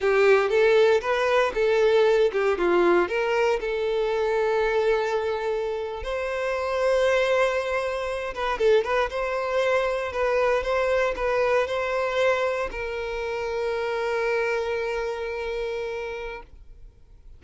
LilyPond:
\new Staff \with { instrumentName = "violin" } { \time 4/4 \tempo 4 = 117 g'4 a'4 b'4 a'4~ | a'8 g'8 f'4 ais'4 a'4~ | a'2.~ a'8. c''16~ | c''1~ |
c''16 b'8 a'8 b'8 c''2 b'16~ | b'8. c''4 b'4 c''4~ c''16~ | c''8. ais'2.~ ais'16~ | ais'1 | }